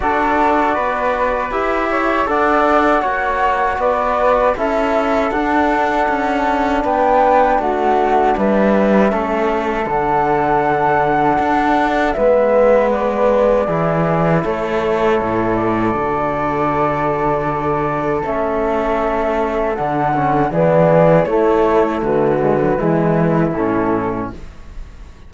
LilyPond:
<<
  \new Staff \with { instrumentName = "flute" } { \time 4/4 \tempo 4 = 79 d''2 e''4 fis''4~ | fis''4 d''4 e''4 fis''4~ | fis''4 g''4 fis''4 e''4~ | e''4 fis''2. |
e''4 d''2 cis''4~ | cis''8 d''2.~ d''8 | e''2 fis''4 d''4 | cis''4 b'2 a'4 | }
  \new Staff \with { instrumentName = "flute" } { \time 4/4 a'4 b'4. cis''8 d''4 | cis''4 b'4 a'2~ | a'4 b'4 fis'4 b'4 | a'1 |
b'2 gis'4 a'4~ | a'1~ | a'2. gis'4 | e'4 fis'4 e'2 | }
  \new Staff \with { instrumentName = "trombone" } { \time 4/4 fis'2 g'4 a'4 | fis'2 e'4 d'4~ | d'1 | cis'4 d'2. |
b2 e'2~ | e'4 fis'2. | cis'2 d'8 cis'8 b4 | a4. gis16 fis16 gis4 cis'4 | }
  \new Staff \with { instrumentName = "cello" } { \time 4/4 d'4 b4 e'4 d'4 | ais4 b4 cis'4 d'4 | cis'4 b4 a4 g4 | a4 d2 d'4 |
gis2 e4 a4 | a,4 d2. | a2 d4 e4 | a4 d4 e4 a,4 | }
>>